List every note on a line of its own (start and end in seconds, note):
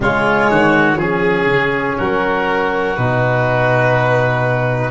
0.00 0.48 C#3
0.00 0.96 G#3
0.00 0.50 F4
0.00 1.00 C#5
0.50 0.97 D#3
0.50 0.98 F#4
0.97 1.46 F3
0.97 2.96 C#4
0.97 1.96 G#4
0.97 1.98 G#4
1.46 1.95 C#3
1.98 2.97 F#3
1.98 4.90 F#4
1.98 2.96 A#4
2.96 4.90 B2
2.96 4.90 D#4
2.96 4.90 B4